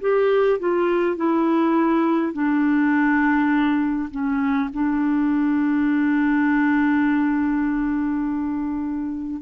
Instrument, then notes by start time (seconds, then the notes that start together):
clarinet
0.00 G4
0.59 F4
1.16 E4
2.33 D4
4.11 C#4
4.73 D4